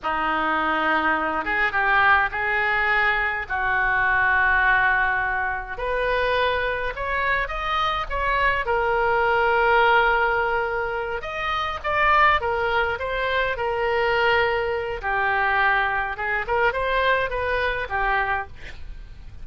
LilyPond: \new Staff \with { instrumentName = "oboe" } { \time 4/4 \tempo 4 = 104 dis'2~ dis'8 gis'8 g'4 | gis'2 fis'2~ | fis'2 b'2 | cis''4 dis''4 cis''4 ais'4~ |
ais'2.~ ais'8 dis''8~ | dis''8 d''4 ais'4 c''4 ais'8~ | ais'2 g'2 | gis'8 ais'8 c''4 b'4 g'4 | }